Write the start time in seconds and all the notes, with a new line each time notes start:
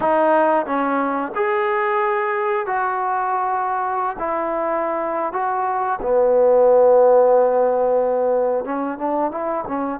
0.00 D#4
0.65 C#4
1.35 G#4
2.66 F#4
4.18 E4
5.32 F#4
6.01 B3
8.65 C#4
8.98 D4
9.31 E4
9.67 C#4